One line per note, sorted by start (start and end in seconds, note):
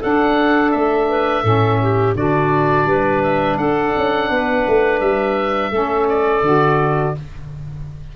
0.00 1.43 D4
0.00 0.75 D4
0.00 1.07 A4
0.00 0.72 F#5
0.72 1.43 A3
0.72 2.15 E5
1.09 1.43 B4
1.43 2.15 A2
1.43 2.15 C#4
1.43 1.79 A4
1.82 2.17 G4
2.15 2.86 D3
2.15 5.71 D4
2.15 2.88 F#4
2.15 3.23 D5
2.86 3.57 G3
2.86 3.59 B4
3.23 3.58 E5
3.57 3.93 D4
3.57 4.31 A4
3.57 5.00 F#5
3.97 4.30 C#4
4.30 4.66 B3
4.30 5.72 B4
4.67 5.01 A3
5.00 5.72 G3
5.00 6.08 E5
5.71 6.42 A3
5.71 6.43 C#4
5.71 7.14 A4
6.09 7.16 D5
6.42 7.13 D3
6.42 7.15 F#4